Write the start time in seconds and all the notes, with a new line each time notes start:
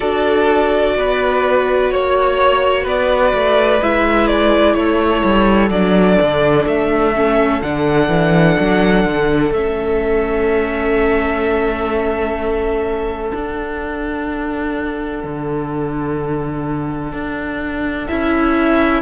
0.00 D4 F#4 A4 D5
0.96 B3 B4
1.90 A#3 C#5
2.83 B3 B4 D5
3.33 A3
3.82 G#3 E4 E5
4.27 D5
4.74 A3 A4 C#5
5.23 G3
5.69 F#3 D4 D5
6.21 D3
6.65 A3 E5
7.14 C#4
7.62 D3 D4 F#5
8.08 E3
8.59 F#3
9.05 D3
9.51 A3 C#4 E5
13.33 D4 F#5
15.23 D3
17.12 D4
18.07 C#4 E4 E5